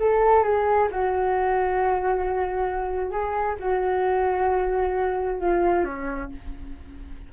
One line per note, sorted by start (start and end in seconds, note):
0.00 0.44 A4
0.44 0.89 G#4
0.91 3.11 F#4
3.11 3.56 G#4
3.60 5.40 F#4
5.40 5.85 F4
5.85 6.30 C#4